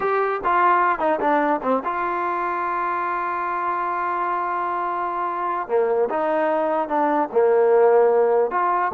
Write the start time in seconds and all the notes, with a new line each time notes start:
0.00 G4
0.43 F4
0.99 D#4
1.20 D4
1.62 C4
1.84 F4
5.68 A#3
6.09 D#4
6.88 D4
7.31 A#3
8.51 F4